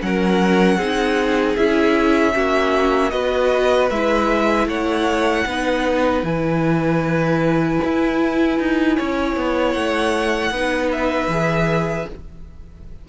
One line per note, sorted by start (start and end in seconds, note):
0.00 0.77 F#3
0.00 0.78 C#4
0.00 0.77 A#4
0.00 1.56 F#5
0.77 1.55 C4
0.77 1.57 D#4
0.77 2.33 G#4
1.56 2.35 C#4
1.56 2.33 E4
1.56 3.10 E5
2.33 3.12 A#3
2.33 3.10 C#4
2.33 3.12 F#4
3.10 3.90 B3
3.10 3.88 F#4
3.10 4.67 B4
3.10 3.88 D#5
3.90 4.67 G#3
3.90 5.47 E4
3.90 4.68 E5
4.67 5.45 A3
4.67 5.46 C#5
4.67 6.25 F#5
5.46 6.23 B3
5.46 6.24 D#4
5.46 8.96 B4
6.23 7.79 E3
6.23 10.53 E4
6.23 9.72 G#5
7.84 8.59 E4
8.59 8.98 D#4
8.96 9.36 C#4
8.96 10.52 C#5
9.36 9.75 B3
9.72 10.50 A3
9.72 10.89 F#5
10.50 11.27 B3
10.50 11.31 D#4
10.50 12.08 B4
10.92 12.09 E5
11.27 12.05 E3
11.27 12.08 G#4